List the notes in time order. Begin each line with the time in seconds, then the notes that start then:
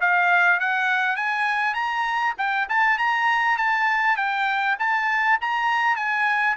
0.00 F5
0.59 F#5
1.16 G#5
1.74 A#5
2.38 G5
2.69 A5
2.98 A#5
3.57 A5
4.16 G5
4.79 A5
5.41 A#5
5.96 G#5